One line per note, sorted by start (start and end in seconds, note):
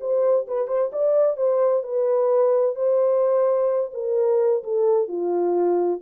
0.00 0.46 C5
0.47 0.67 B4
0.67 0.90 C5
0.92 1.37 D5
1.37 1.83 C5
1.83 2.75 B4
2.75 3.91 C5
3.94 4.63 A#4
4.64 5.08 A4
5.08 6.00 F4